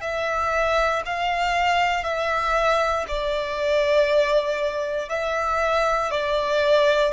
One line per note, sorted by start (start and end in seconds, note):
0.00 1.02 E5
1.05 2.03 F5
2.03 3.05 E5
3.07 5.08 D5
5.08 6.10 E5
6.11 7.12 D5